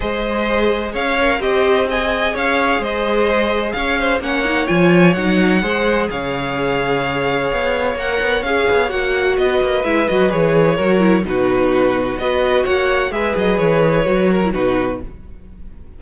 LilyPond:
<<
  \new Staff \with { instrumentName = "violin" } { \time 4/4 \tempo 4 = 128 dis''2 f''4 dis''4 | gis''4 f''4 dis''2 | f''4 fis''4 gis''4 fis''4~ | fis''4 f''2.~ |
f''4 fis''4 f''4 fis''4 | dis''4 e''8 dis''8 cis''2 | b'2 dis''4 fis''4 | e''8 dis''8 cis''2 b'4 | }
  \new Staff \with { instrumentName = "violin" } { \time 4/4 c''2 cis''4 g'4 | dis''4 cis''4 c''2 | cis''8 c''8 cis''2. | c''4 cis''2.~ |
cis''1 | b'2. ais'4 | fis'2 b'4 cis''4 | b'2~ b'8 ais'8 fis'4 | }
  \new Staff \with { instrumentName = "viola" } { \time 4/4 gis'2~ gis'8 ais'8 c''4 | gis'1~ | gis'4 cis'8 dis'8 f'4 dis'4 | gis'1~ |
gis'4 ais'4 gis'4 fis'4~ | fis'4 e'8 fis'8 gis'4 fis'8 e'8 | dis'2 fis'2 | gis'2 fis'8. e'16 dis'4 | }
  \new Staff \with { instrumentName = "cello" } { \time 4/4 gis2 cis'4 c'4~ | c'4 cis'4 gis2 | cis'4 ais4 f4 fis4 | gis4 cis2. |
b4 ais8 b8 cis'8 b8 ais4 | b8 ais8 gis8 fis8 e4 fis4 | b,2 b4 ais4 | gis8 fis8 e4 fis4 b,4 | }
>>